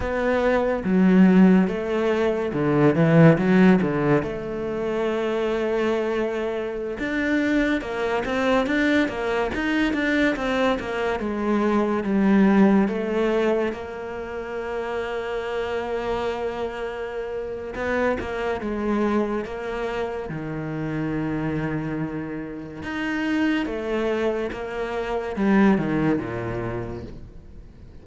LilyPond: \new Staff \with { instrumentName = "cello" } { \time 4/4 \tempo 4 = 71 b4 fis4 a4 d8 e8 | fis8 d8 a2.~ | a16 d'4 ais8 c'8 d'8 ais8 dis'8 d'16~ | d'16 c'8 ais8 gis4 g4 a8.~ |
a16 ais2.~ ais8.~ | ais4 b8 ais8 gis4 ais4 | dis2. dis'4 | a4 ais4 g8 dis8 ais,4 | }